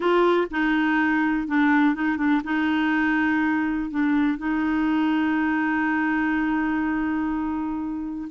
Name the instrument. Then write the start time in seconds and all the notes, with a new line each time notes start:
clarinet
0.00 F4
0.50 D#4
1.47 D4
1.94 D#4
2.17 D4
2.44 D#4
3.90 D4
4.38 D#4